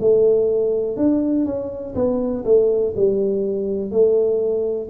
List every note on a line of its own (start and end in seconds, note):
0.00 0.97 A3
0.97 1.45 D4
1.45 1.94 C#4
1.95 2.44 B3
2.45 2.94 A3
2.96 3.91 G3
3.91 4.89 A3